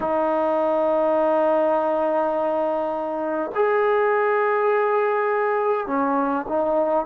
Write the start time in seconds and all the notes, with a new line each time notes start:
0.00 D#4
3.55 G#4
5.86 C#4
6.48 D#4